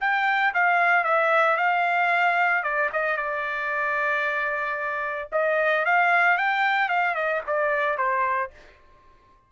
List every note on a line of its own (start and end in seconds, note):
0.00 0.53 G5
0.54 1.04 F5
1.04 1.57 E5
1.57 2.63 F5
2.63 2.90 D5
2.93 3.17 D#5
3.17 5.29 D5
5.32 5.85 D#5
5.85 6.37 F5
6.37 6.89 G5
6.89 7.15 F5
7.15 7.41 D#5
7.46 7.97 D5
7.97 8.50 C5